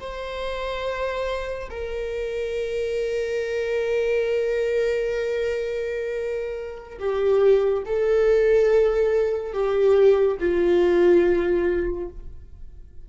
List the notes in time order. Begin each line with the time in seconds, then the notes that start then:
0.00 C5
1.70 A#4
6.99 G4
7.85 A4
9.53 G4
10.40 F4